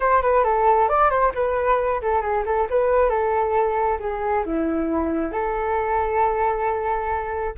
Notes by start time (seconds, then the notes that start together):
0.00 C5
0.22 B4
0.44 A4
0.88 D5
1.10 C5
1.34 B4
2.01 A4
2.21 G#4
2.45 A4
2.69 B4
3.09 A4
3.99 G#4
4.45 E4
5.32 A4